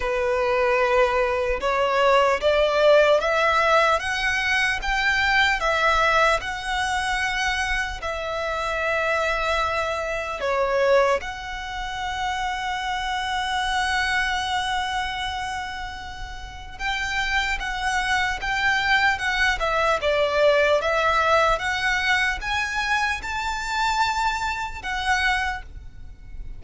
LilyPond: \new Staff \with { instrumentName = "violin" } { \time 4/4 \tempo 4 = 75 b'2 cis''4 d''4 | e''4 fis''4 g''4 e''4 | fis''2 e''2~ | e''4 cis''4 fis''2~ |
fis''1~ | fis''4 g''4 fis''4 g''4 | fis''8 e''8 d''4 e''4 fis''4 | gis''4 a''2 fis''4 | }